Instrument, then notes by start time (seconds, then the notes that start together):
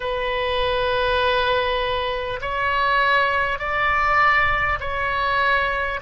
oboe
0.00 B4
2.41 C#5
3.58 D5
4.79 C#5